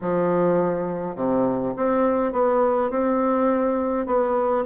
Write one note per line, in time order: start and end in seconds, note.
0.01 1.15 F3
1.15 1.73 C3
1.76 2.32 C4
2.32 2.90 B3
2.90 4.06 C4
4.06 4.64 B3